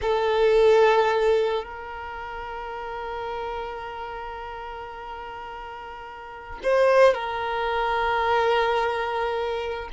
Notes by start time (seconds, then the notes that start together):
0.01 A4
1.64 A#4
6.63 C5
7.14 A#4